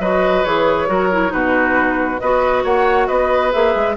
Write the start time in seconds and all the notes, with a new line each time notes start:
0.00 F#3 F#4 B4 D#5
0.45 E3 G#4 C#5
0.88 F#3 F#4 A#4
1.12 E4
1.29 B2 D#4 F#4 B4
2.20 B3 F#4 B4 D#5
2.64 A#3 C#5 F#5
3.08 B3 B4 D#5
3.52 A#3 G#4 E5
3.75 G#3